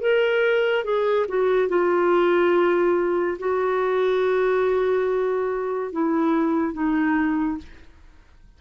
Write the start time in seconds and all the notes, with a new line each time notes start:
0.00 A#4
0.84 G#4
1.28 F#4
1.68 F4
3.39 F#4
5.92 E4
6.73 D#4